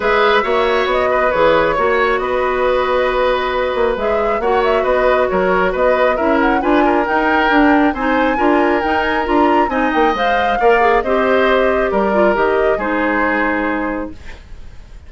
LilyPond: <<
  \new Staff \with { instrumentName = "flute" } { \time 4/4 \tempo 4 = 136 e''2 dis''4 cis''4~ | cis''4 dis''2.~ | dis''4 e''4 fis''8 e''8 dis''4 | cis''4 dis''4 e''8 fis''8 gis''4 |
g''2 gis''2 | g''8 gis''8 ais''4 gis''8 g''8 f''4~ | f''4 dis''2 d''4 | dis''4 c''2. | }
  \new Staff \with { instrumentName = "oboe" } { \time 4/4 b'4 cis''4. b'4. | cis''4 b'2.~ | b'2 cis''4 b'4 | ais'4 b'4 ais'4 b'8 ais'8~ |
ais'2 c''4 ais'4~ | ais'2 dis''2 | d''4 c''2 ais'4~ | ais'4 gis'2. | }
  \new Staff \with { instrumentName = "clarinet" } { \time 4/4 gis'4 fis'2 gis'4 | fis'1~ | fis'4 gis'4 fis'2~ | fis'2 e'4 f'4 |
dis'4 d'4 dis'4 f'4 | dis'4 f'4 dis'4 c''4 | ais'8 gis'8 g'2~ g'8 f'8 | g'4 dis'2. | }
  \new Staff \with { instrumentName = "bassoon" } { \time 4/4 gis4 ais4 b4 e4 | ais4 b2.~ | b8 ais8 gis4 ais4 b4 | fis4 b4 cis'4 d'4 |
dis'4 d'4 c'4 d'4 | dis'4 d'4 c'8 ais8 gis4 | ais4 c'2 g4 | dis4 gis2. | }
>>